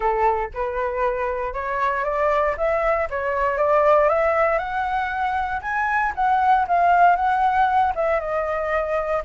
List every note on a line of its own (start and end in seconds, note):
0.00 0.49 A4
0.53 1.53 B4
1.53 2.04 C#5
2.04 2.55 D5
2.57 3.08 E5
3.09 3.57 C#5
3.57 4.08 D5
4.08 4.58 E5
4.58 5.60 F#5
5.61 6.12 G#5
6.15 6.66 F#5
6.67 7.16 F5
7.16 7.93 F#5
7.95 8.20 E5
8.20 9.22 D#5